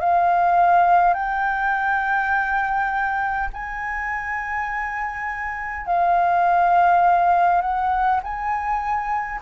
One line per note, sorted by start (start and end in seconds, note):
0.00 1.14 F5
1.14 3.50 G5
3.53 5.87 G#5
5.87 7.62 F5
7.62 8.21 F#5
8.24 9.41 G#5